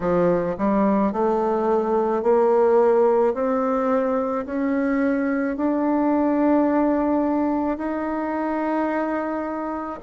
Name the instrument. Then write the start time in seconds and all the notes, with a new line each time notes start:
bassoon
0.00 F3
0.58 G3
1.12 A3
2.22 A#3
3.33 C4
4.45 C#4
5.57 D4
7.77 D#4